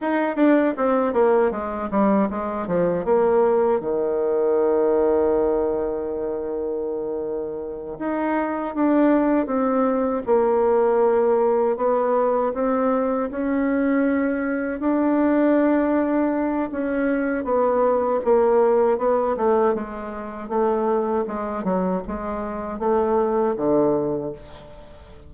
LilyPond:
\new Staff \with { instrumentName = "bassoon" } { \time 4/4 \tempo 4 = 79 dis'8 d'8 c'8 ais8 gis8 g8 gis8 f8 | ais4 dis2.~ | dis2~ dis8 dis'4 d'8~ | d'8 c'4 ais2 b8~ |
b8 c'4 cis'2 d'8~ | d'2 cis'4 b4 | ais4 b8 a8 gis4 a4 | gis8 fis8 gis4 a4 d4 | }